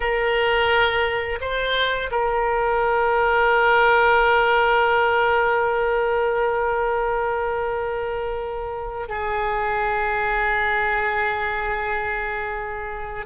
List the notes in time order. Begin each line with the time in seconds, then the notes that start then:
0.00 A#4
1.40 C5
2.11 A#4
9.08 G#4